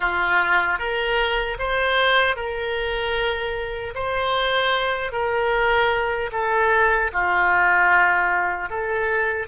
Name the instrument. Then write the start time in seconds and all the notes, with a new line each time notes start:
oboe
0.00 F4
0.78 A#4
1.59 C5
2.35 A#4
3.95 C5
5.12 A#4
6.32 A4
7.12 F4
8.69 A4